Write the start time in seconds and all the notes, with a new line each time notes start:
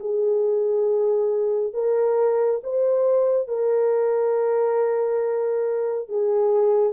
0.00 G#4
1.74 A#4
2.64 C5
3.48 A#4
6.09 G#4